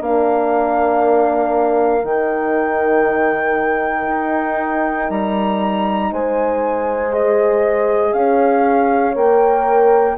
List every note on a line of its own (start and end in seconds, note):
0.00 2.03 A#3
0.00 2.03 D4
0.00 6.11 A#4
0.00 2.05 F5
2.03 4.07 D#3
2.03 7.11 D#4
2.03 5.10 G5
4.07 5.09 D#4
5.10 6.12 G3
5.10 6.12 A#5
6.12 8.13 G#3
6.12 8.15 C5
6.12 7.13 G#5
7.11 9.15 G#4
7.11 8.13 D#5
8.13 9.15 C#4
8.13 10.18 C#5
8.13 9.15 F5
9.15 10.17 A#3
9.15 10.18 A#4
9.15 10.18 G5